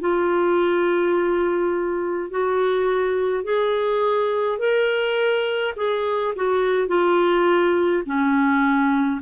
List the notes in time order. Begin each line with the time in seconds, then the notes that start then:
0.00 F4
2.30 F#4
3.44 G#4
4.59 A#4
5.76 G#4
6.36 F#4
6.88 F4
8.06 C#4